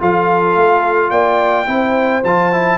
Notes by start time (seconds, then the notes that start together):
0.00 F3 F4 A4 F5
0.56 A3
1.10 A#3 D5 G5
1.66 C4 E4 C5
2.24 F3 F4 A5
2.52 E4